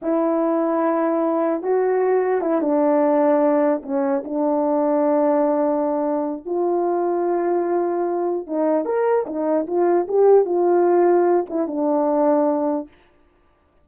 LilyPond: \new Staff \with { instrumentName = "horn" } { \time 4/4 \tempo 4 = 149 e'1 | fis'2 e'8 d'4.~ | d'4. cis'4 d'4.~ | d'1 |
f'1~ | f'4 dis'4 ais'4 dis'4 | f'4 g'4 f'2~ | f'8 e'8 d'2. | }